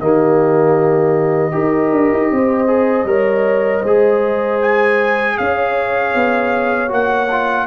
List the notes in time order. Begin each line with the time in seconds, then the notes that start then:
0.00 D#3 A#3 G4 D#5
1.52 D#4 G4 A#4
1.92 D4
2.13 D#4
2.31 C4 C5
2.67 G#4
3.05 G3 A#4 C#5
3.81 G#3 C5
3.87 G#4
4.62 G#5
5.38 C#4 C#5 F5
6.15 B3
6.88 A#3 F#4 F#5
7.31 F4